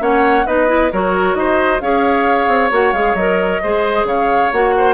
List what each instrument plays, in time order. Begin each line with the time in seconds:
0.00 bassoon A#3, clarinet C#4, oboe C#5, flute F#5
0.47 bassoon B3, clarinet D#4, oboe B4, flute D#5
0.68 clarinet E4
0.92 bassoon F#3, clarinet F#4, oboe A#4, flute C#5
1.35 bassoon D#4, oboe C5, flute D#5
1.81 bassoon C#4, clarinet G#4, oboe C#5, flute F5
2.48 bassoon C4
2.71 bassoon A#3, clarinet F#4, flute F#5
2.93 bassoon G#3, clarinet G#4, flute F5
3.14 bassoon F#3, clarinet A#4, flute D#5
3.63 bassoon G#3, clarinet G#4, oboe C5
4.04 bassoon C#3, oboe C#5, flute F5
4.53 bassoon A#3, clarinet F#4, flute F#5
4.77 oboe C5